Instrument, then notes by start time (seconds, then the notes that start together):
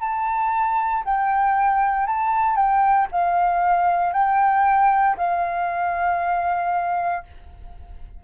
flute
0.00 A5
1.05 G5
2.06 A5
2.56 G5
3.12 F5
4.13 G5
5.17 F5